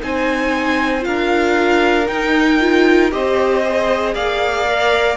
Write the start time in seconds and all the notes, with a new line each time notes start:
0.00 C4 D#4 C5 G#5
1.00 D4 F4 F5
1.06 A#4
2.07 D#4 G5
2.60 F4
3.11 C4 G4 C5 D#5
3.64 G#4
4.14 A#3 D5 F5
4.68 A#4